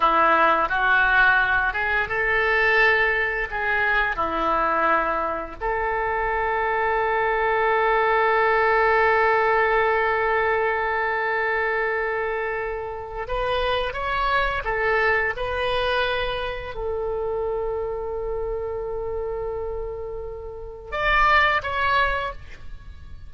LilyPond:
\new Staff \with { instrumentName = "oboe" } { \time 4/4 \tempo 4 = 86 e'4 fis'4. gis'8 a'4~ | a'4 gis'4 e'2 | a'1~ | a'1~ |
a'2. b'4 | cis''4 a'4 b'2 | a'1~ | a'2 d''4 cis''4 | }